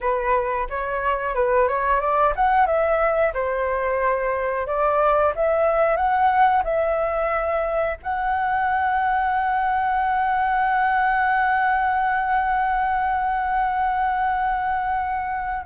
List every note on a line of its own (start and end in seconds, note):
0.00 0.67 B4
0.69 1.35 C#5
1.35 1.68 B4
1.68 2.00 C#5
2.00 2.33 D5
2.35 2.66 F#5
2.66 3.32 E5
3.33 4.66 C5
4.66 5.33 D5
5.35 5.96 E5
5.96 6.62 F#5
6.64 7.97 E5
8.02 15.65 F#5